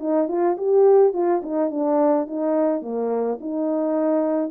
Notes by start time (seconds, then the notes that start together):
0.00 D#4
0.28 F4
0.57 G4
1.13 F4
1.43 D#4
1.71 D4
2.27 D#4
2.82 A#3
3.40 D#4